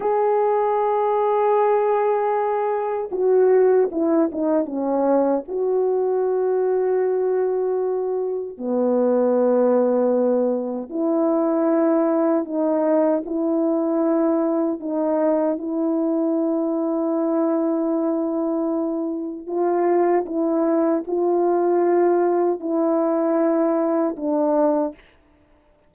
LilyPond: \new Staff \with { instrumentName = "horn" } { \time 4/4 \tempo 4 = 77 gis'1 | fis'4 e'8 dis'8 cis'4 fis'4~ | fis'2. b4~ | b2 e'2 |
dis'4 e'2 dis'4 | e'1~ | e'4 f'4 e'4 f'4~ | f'4 e'2 d'4 | }